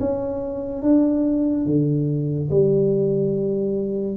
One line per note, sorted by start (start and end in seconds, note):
0.00 0.83 C#4
0.83 1.66 D4
1.66 2.49 D3
2.51 4.17 G3